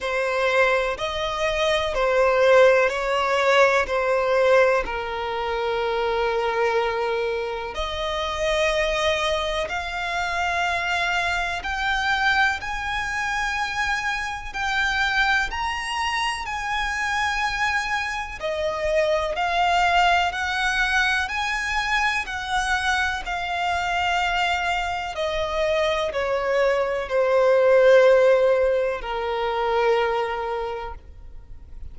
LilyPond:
\new Staff \with { instrumentName = "violin" } { \time 4/4 \tempo 4 = 62 c''4 dis''4 c''4 cis''4 | c''4 ais'2. | dis''2 f''2 | g''4 gis''2 g''4 |
ais''4 gis''2 dis''4 | f''4 fis''4 gis''4 fis''4 | f''2 dis''4 cis''4 | c''2 ais'2 | }